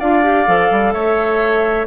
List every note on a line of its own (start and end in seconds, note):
0.00 0.48 D4
0.00 0.24 F4
0.00 0.94 D5
0.00 0.93 F5
0.24 0.47 G4
0.47 0.71 F3
0.47 1.87 A4
0.71 0.94 G3
0.93 1.87 A3
0.93 1.87 C#5
0.93 1.87 E5